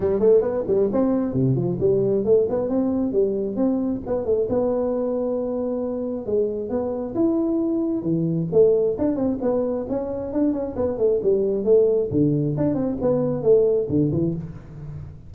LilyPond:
\new Staff \with { instrumentName = "tuba" } { \time 4/4 \tempo 4 = 134 g8 a8 b8 g8 c'4 c8 f8 | g4 a8 b8 c'4 g4 | c'4 b8 a8 b2~ | b2 gis4 b4 |
e'2 e4 a4 | d'8 c'8 b4 cis'4 d'8 cis'8 | b8 a8 g4 a4 d4 | d'8 c'8 b4 a4 d8 e8 | }